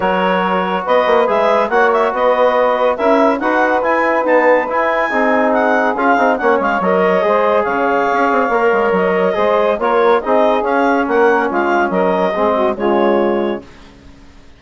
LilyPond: <<
  \new Staff \with { instrumentName = "clarinet" } { \time 4/4 \tempo 4 = 141 cis''2 dis''4 e''4 | fis''8 e''8 dis''2 e''4 | fis''4 gis''4 a''4 gis''4~ | gis''4 fis''4 f''4 fis''8 f''8 |
dis''2 f''2~ | f''4 dis''2 cis''4 | dis''4 f''4 fis''4 f''4 | dis''2 cis''2 | }
  \new Staff \with { instrumentName = "saxophone" } { \time 4/4 ais'2 b'2 | cis''4 b'2 ais'4 | b'1 | gis'2. cis''4~ |
cis''4 c''4 cis''2~ | cis''2 c''4 ais'4 | gis'2 ais'4 f'4 | ais'4 gis'8 fis'8 f'2 | }
  \new Staff \with { instrumentName = "trombone" } { \time 4/4 fis'2. gis'4 | fis'2. e'4 | fis'4 e'4 b4 e'4 | dis'2 f'8 dis'8 cis'4 |
ais'4 gis'2. | ais'2 gis'4 f'4 | dis'4 cis'2.~ | cis'4 c'4 gis2 | }
  \new Staff \with { instrumentName = "bassoon" } { \time 4/4 fis2 b8 ais8 gis4 | ais4 b2 cis'4 | dis'4 e'4 dis'4 e'4 | c'2 cis'8 c'8 ais8 gis8 |
fis4 gis4 cis4 cis'8 c'8 | ais8 gis8 fis4 gis4 ais4 | c'4 cis'4 ais4 gis4 | fis4 gis4 cis2 | }
>>